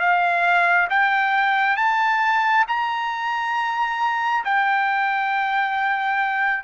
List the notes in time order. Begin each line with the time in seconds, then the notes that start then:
0.00 F5
0.90 G5
1.77 A5
2.68 A#5
4.45 G5